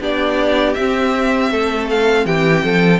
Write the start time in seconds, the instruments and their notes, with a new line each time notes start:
0.00 cello B3, viola D4, violin G4 D5
0.73 viola C4, cello C4, violin E5
1.50 cello A3, violin A4
1.90 violin F5
2.25 cello E3, violin G4 G5
2.64 cello F3, violin A4